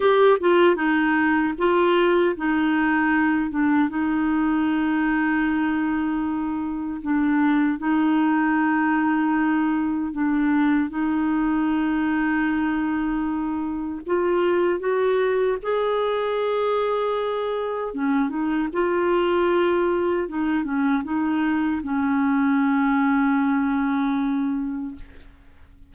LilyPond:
\new Staff \with { instrumentName = "clarinet" } { \time 4/4 \tempo 4 = 77 g'8 f'8 dis'4 f'4 dis'4~ | dis'8 d'8 dis'2.~ | dis'4 d'4 dis'2~ | dis'4 d'4 dis'2~ |
dis'2 f'4 fis'4 | gis'2. cis'8 dis'8 | f'2 dis'8 cis'8 dis'4 | cis'1 | }